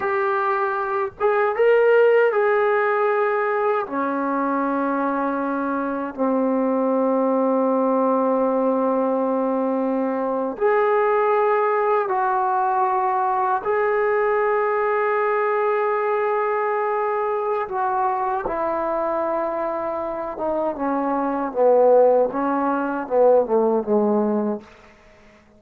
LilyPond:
\new Staff \with { instrumentName = "trombone" } { \time 4/4 \tempo 4 = 78 g'4. gis'8 ais'4 gis'4~ | gis'4 cis'2. | c'1~ | c'4.~ c'16 gis'2 fis'16~ |
fis'4.~ fis'16 gis'2~ gis'16~ | gis'2. fis'4 | e'2~ e'8 dis'8 cis'4 | b4 cis'4 b8 a8 gis4 | }